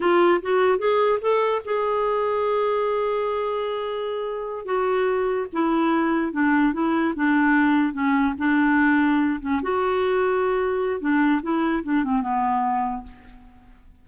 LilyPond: \new Staff \with { instrumentName = "clarinet" } { \time 4/4 \tempo 4 = 147 f'4 fis'4 gis'4 a'4 | gis'1~ | gis'2.~ gis'8 fis'8~ | fis'4. e'2 d'8~ |
d'8 e'4 d'2 cis'8~ | cis'8 d'2~ d'8 cis'8 fis'8~ | fis'2. d'4 | e'4 d'8 c'8 b2 | }